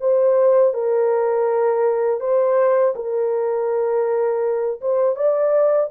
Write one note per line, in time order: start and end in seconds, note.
0.00 0.74 C5
0.74 2.20 A#4
2.20 2.94 C5
2.95 4.80 A#4
4.81 5.15 C5
5.15 5.90 D5